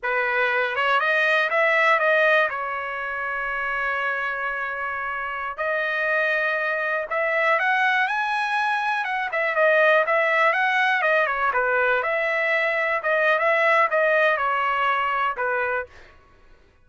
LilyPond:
\new Staff \with { instrumentName = "trumpet" } { \time 4/4 \tempo 4 = 121 b'4. cis''8 dis''4 e''4 | dis''4 cis''2.~ | cis''2.~ cis''16 dis''8.~ | dis''2~ dis''16 e''4 fis''8.~ |
fis''16 gis''2 fis''8 e''8 dis''8.~ | dis''16 e''4 fis''4 dis''8 cis''8 b'8.~ | b'16 e''2 dis''8. e''4 | dis''4 cis''2 b'4 | }